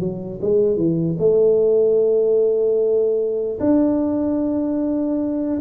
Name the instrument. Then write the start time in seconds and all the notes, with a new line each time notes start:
tuba
0.00 F#3
0.42 G#3
0.77 E3
1.19 A3
3.60 D4